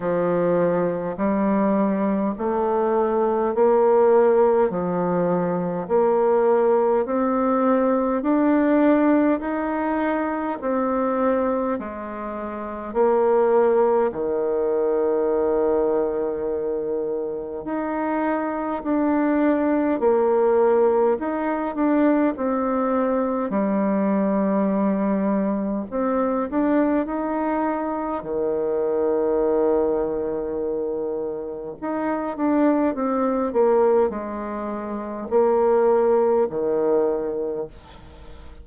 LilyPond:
\new Staff \with { instrumentName = "bassoon" } { \time 4/4 \tempo 4 = 51 f4 g4 a4 ais4 | f4 ais4 c'4 d'4 | dis'4 c'4 gis4 ais4 | dis2. dis'4 |
d'4 ais4 dis'8 d'8 c'4 | g2 c'8 d'8 dis'4 | dis2. dis'8 d'8 | c'8 ais8 gis4 ais4 dis4 | }